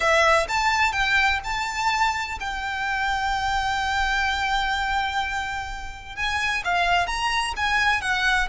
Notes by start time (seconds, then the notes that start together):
0.00 E5
0.48 A5
0.92 G5
1.44 A5
2.40 G5
6.15 G#5
6.64 F5
7.06 A#5
7.56 G#5
8.01 F#5